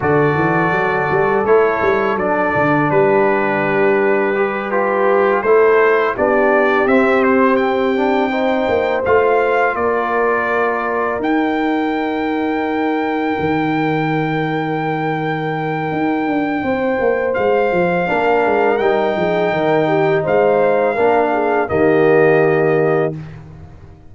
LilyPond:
<<
  \new Staff \with { instrumentName = "trumpet" } { \time 4/4 \tempo 4 = 83 d''2 cis''4 d''4 | b'2~ b'8 g'4 c''8~ | c''8 d''4 e''8 c''8 g''4.~ | g''8 f''4 d''2 g''8~ |
g''1~ | g''1 | f''2 g''2 | f''2 dis''2 | }
  \new Staff \with { instrumentName = "horn" } { \time 4/4 a'1 | g'2~ g'8 b'4 a'8~ | a'8 g'2. c''8~ | c''4. ais'2~ ais'8~ |
ais'1~ | ais'2. c''4~ | c''4 ais'4. gis'8 ais'8 g'8 | c''4 ais'8 gis'8 g'2 | }
  \new Staff \with { instrumentName = "trombone" } { \time 4/4 fis'2 e'4 d'4~ | d'2 g'8 f'4 e'8~ | e'8 d'4 c'4. d'8 dis'8~ | dis'8 f'2. dis'8~ |
dis'1~ | dis'1~ | dis'4 d'4 dis'2~ | dis'4 d'4 ais2 | }
  \new Staff \with { instrumentName = "tuba" } { \time 4/4 d8 e8 fis8 g8 a8 g8 fis8 d8 | g2.~ g8 a8~ | a8 b4 c'2~ c'8 | ais8 a4 ais2 dis'8~ |
dis'2~ dis'8 dis4.~ | dis2 dis'8 d'8 c'8 ais8 | gis8 f8 ais8 gis8 g8 f8 dis4 | gis4 ais4 dis2 | }
>>